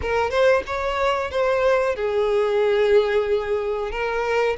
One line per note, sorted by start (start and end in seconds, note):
0.01 0.30 A#4
0.30 0.63 C5
0.66 1.30 C#5
1.30 1.95 C5
1.95 3.91 G#4
3.91 4.56 A#4